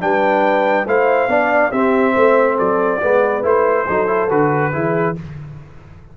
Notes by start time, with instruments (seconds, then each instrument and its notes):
0.00 tuba G3, trombone D4, horn B4, trumpet G5
0.86 tuba A3, trombone E4, horn C5, trumpet F5
1.27 tuba B3, trombone D4, horn D5
1.70 tuba C4, trombone C4, horn G4, trumpet E5
2.14 tuba A3, horn C5
2.56 tuba F#3, horn A4, trumpet D5
3.02 tuba G#3, trombone B3, horn B4
3.42 tuba A3, trombone E4, trumpet C5
3.86 tuba F#3, trombone D#4, horn A4
4.07 trombone E4
4.29 tuba D3, trombone F#4, trumpet B4
4.72 tuba E3, trombone E4, horn G#4